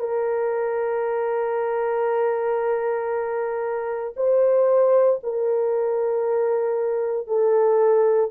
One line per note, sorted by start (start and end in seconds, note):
0.00 4.14 A#4
4.17 5.20 C5
5.23 7.27 A#4
7.27 8.31 A4